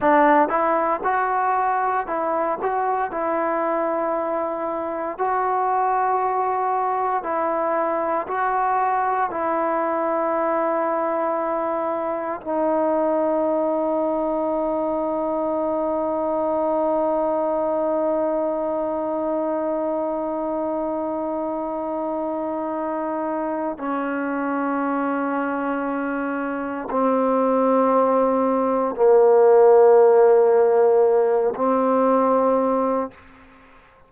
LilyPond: \new Staff \with { instrumentName = "trombone" } { \time 4/4 \tempo 4 = 58 d'8 e'8 fis'4 e'8 fis'8 e'4~ | e'4 fis'2 e'4 | fis'4 e'2. | dis'1~ |
dis'1~ | dis'2. cis'4~ | cis'2 c'2 | ais2~ ais8 c'4. | }